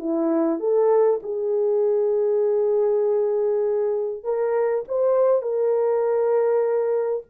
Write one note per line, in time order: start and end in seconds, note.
0.00 0.60 E4
0.60 1.20 A4
1.23 4.24 G#4
4.24 4.85 A#4
4.88 5.42 C5
5.42 7.24 A#4